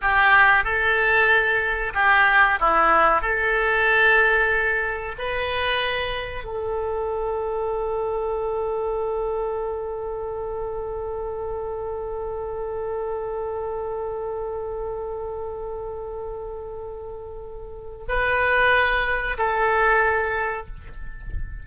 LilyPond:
\new Staff \with { instrumentName = "oboe" } { \time 4/4 \tempo 4 = 93 g'4 a'2 g'4 | e'4 a'2. | b'2 a'2~ | a'1~ |
a'1~ | a'1~ | a'1 | b'2 a'2 | }